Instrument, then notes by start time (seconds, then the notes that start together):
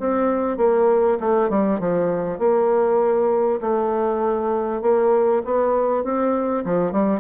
bassoon
0.00 C4
0.57 A#3
1.20 A3
1.50 G3
1.80 F3
2.39 A#3
3.61 A3
4.82 A#3
5.45 B3
6.04 C4
6.65 F3
6.92 G3